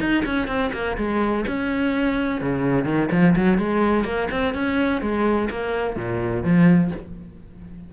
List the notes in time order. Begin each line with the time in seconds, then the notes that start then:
0.00 D#4
0.26 C#4
0.47 C4
0.73 A#3
0.97 G#3
1.47 C#4
2.41 C#3
2.85 D#3
3.11 F3
3.36 F#3
3.58 G#3
4.05 A#3
4.31 C4
4.54 C#4
5.01 G#3
5.50 A#3
5.96 A#2
6.44 F3